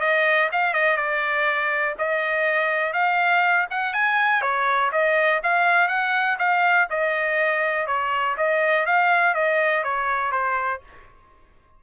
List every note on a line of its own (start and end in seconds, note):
0.00 0.49 D#5
0.52 0.74 F5
0.74 0.96 D#5
0.96 1.95 D5
1.98 2.93 D#5
2.93 3.67 F5
3.70 3.93 F#5
3.93 4.41 G#5
4.41 4.90 C#5
4.92 5.41 D#5
5.43 5.88 F5
5.88 6.37 F#5
6.39 6.88 F5
6.90 7.87 D#5
7.87 8.36 C#5
8.37 8.86 D#5
8.86 9.34 F5
9.34 9.83 D#5
9.83 10.31 C#5
10.31 10.81 C5